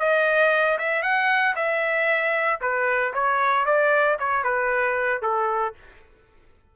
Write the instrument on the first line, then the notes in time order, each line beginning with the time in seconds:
trumpet
0.00 D#5
0.78 E5
1.03 F#5
1.56 E5
2.61 B4
3.14 C#5
3.66 D5
4.20 C#5
4.44 B4
5.22 A4